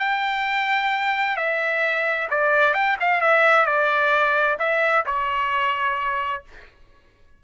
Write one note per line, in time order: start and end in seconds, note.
0.00 1.37 G5
1.37 2.29 E5
2.31 2.74 D5
2.74 2.97 G5
3.00 3.21 F5
3.21 3.66 E5
3.66 4.58 D5
4.59 5.05 E5
5.06 6.44 C#5